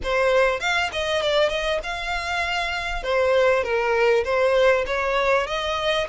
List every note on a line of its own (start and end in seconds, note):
0.03 0.60 C5
0.60 0.90 F5
0.92 1.22 D#5
1.22 1.49 D5
1.49 1.79 D#5
1.83 3.03 F5
3.03 3.63 C5
3.63 4.24 A#4
4.24 4.85 C5
4.86 5.46 C#5
5.46 6.07 D#5